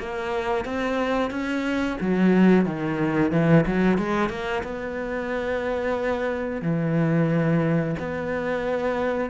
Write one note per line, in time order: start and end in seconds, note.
0.00 0.65 A#3
0.65 1.31 C4
1.31 1.98 C#4
2.01 2.66 F#3
2.66 3.32 D#3
3.32 3.65 E3
3.67 3.98 F#3
3.98 4.30 G#3
4.30 4.63 A#3
4.64 6.62 B3
6.62 7.96 E3
7.99 9.31 B3